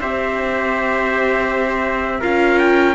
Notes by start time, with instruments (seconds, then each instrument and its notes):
0.00 cello C4, viola G4, trumpet C5 E5
2.20 cello C#4, viola F4, trumpet A#4 F5
2.59 trumpet G5